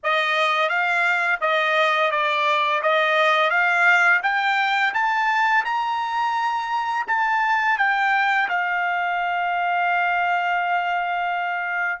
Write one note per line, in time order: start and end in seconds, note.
0.03 0.69 D#5
0.69 1.39 F5
1.40 2.11 D#5
2.11 2.81 D5
2.82 3.50 D#5
3.50 4.21 F5
4.23 4.93 G5
4.93 5.64 A5
5.64 7.06 A#5
7.07 7.77 A5
7.77 8.48 G5
8.49 12.00 F5